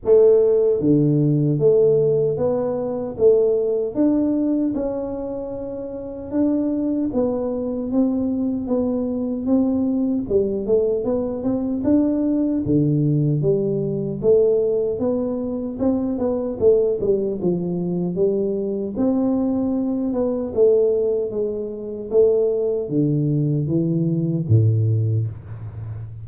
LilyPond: \new Staff \with { instrumentName = "tuba" } { \time 4/4 \tempo 4 = 76 a4 d4 a4 b4 | a4 d'4 cis'2 | d'4 b4 c'4 b4 | c'4 g8 a8 b8 c'8 d'4 |
d4 g4 a4 b4 | c'8 b8 a8 g8 f4 g4 | c'4. b8 a4 gis4 | a4 d4 e4 a,4 | }